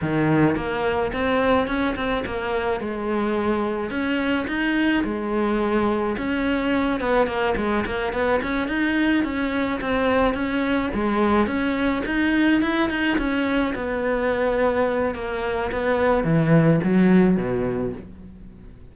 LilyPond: \new Staff \with { instrumentName = "cello" } { \time 4/4 \tempo 4 = 107 dis4 ais4 c'4 cis'8 c'8 | ais4 gis2 cis'4 | dis'4 gis2 cis'4~ | cis'8 b8 ais8 gis8 ais8 b8 cis'8 dis'8~ |
dis'8 cis'4 c'4 cis'4 gis8~ | gis8 cis'4 dis'4 e'8 dis'8 cis'8~ | cis'8 b2~ b8 ais4 | b4 e4 fis4 b,4 | }